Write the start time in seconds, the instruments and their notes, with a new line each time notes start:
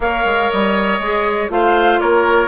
0.00 bassoon A#3, clarinet A#4, oboe C#5, flute F5
0.24 bassoon G#3
0.50 bassoon G3, flute D#5
0.99 bassoon G#3, clarinet G#4
1.49 bassoon A3, clarinet F4, oboe C5, flute F5
2.00 bassoon A#3, oboe A#4, flute C#5